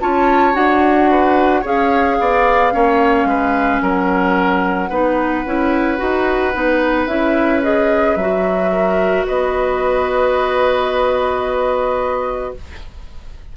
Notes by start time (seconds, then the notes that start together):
0.00 C#4 F4 C#5 A5
0.53 D4 F#4 F#5
1.10 B4
1.61 C#4 G#4 C#5 F5
2.19 B3 D5
2.72 A#3 C#4 C#5
3.25 G#3 B4
3.81 F#3 A#4 F#5
4.89 B3 D#4 B4
5.45 C#4 E4
5.97 D#4 F#4
6.54 B3 D#4
7.06 C#4 E4 E5
7.62 G#4 D#5
8.16 F#3 F#4 E5
8.72 A#4
9.26 B3 B4 D#5